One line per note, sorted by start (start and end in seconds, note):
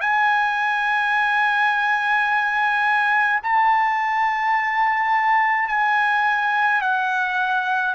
0.00 3.40 G#5
3.43 5.68 A5
5.68 6.81 G#5
6.81 7.95 F#5